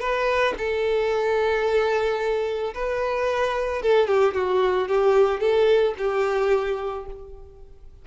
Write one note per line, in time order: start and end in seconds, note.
0.00 0.54 B4
0.57 2.74 A4
2.74 3.82 B4
3.82 4.07 A4
4.07 4.34 G4
4.34 4.88 F#4
4.88 5.40 G4
5.40 5.94 A4
5.98 7.06 G4